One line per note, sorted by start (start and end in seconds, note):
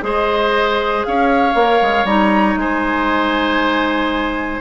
0.00 1.04 G#3
0.00 1.53 G#4
0.00 1.06 C5
0.00 1.04 D#5
1.04 1.54 C#4
1.04 2.60 C#5
1.04 2.05 F5
1.54 1.79 A#3
1.54 2.06 A#4
1.81 2.04 G#3
2.04 2.55 G3
2.04 4.60 D#4
2.04 2.56 A#5
2.56 4.59 G#3
2.56 4.60 C5
2.56 4.60 G#5